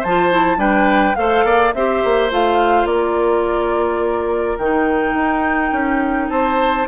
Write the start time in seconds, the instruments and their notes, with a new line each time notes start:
0.00 bassoon F3, oboe C5, flute A5
0.07 clarinet F4
0.31 clarinet E4
0.57 bassoon G3, clarinet D4, oboe B4, flute G5
1.16 bassoon A3, clarinet A4, oboe C5, flute F5
1.44 bassoon A#3, oboe D5
1.74 bassoon C4, clarinet G4, oboe C5, flute E5
2.05 bassoon A#3
2.31 bassoon A3, clarinet F4, flute F5
2.85 bassoon A#3, oboe A#4, flute D5
4.59 bassoon D#3, clarinet D#4, flute G5
5.14 bassoon D#4
5.72 bassoon C#4
6.30 bassoon C4, oboe C5, flute A5